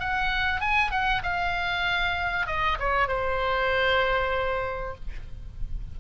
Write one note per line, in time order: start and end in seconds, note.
0.00 0.61 F#5
0.61 0.91 G#5
0.91 1.22 F#5
1.24 2.47 F5
2.47 2.78 D#5
2.80 3.08 C#5
3.08 4.95 C5